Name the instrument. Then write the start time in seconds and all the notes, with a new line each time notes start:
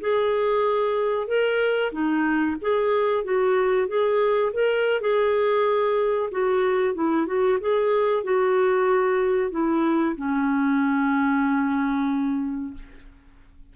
clarinet
0.00 G#4
1.27 A#4
1.91 D#4
2.61 G#4
3.23 F#4
3.87 G#4
4.52 A#4
5.00 G#4
6.31 F#4
6.94 E4
7.26 F#4
7.60 G#4
8.23 F#4
9.50 E4
10.16 C#4